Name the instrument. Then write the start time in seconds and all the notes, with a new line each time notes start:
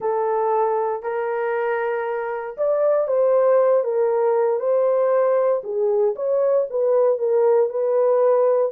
horn
0.00 A4
1.03 A#4
2.57 D5
3.07 C5
3.83 A#4
4.59 C5
5.63 G#4
6.15 C#5
6.70 B4
7.18 A#4
7.69 B4